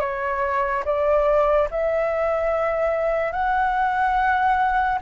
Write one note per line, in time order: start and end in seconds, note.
0.00 0.83 C#5
0.84 1.68 D5
1.70 3.32 E5
3.32 4.98 F#5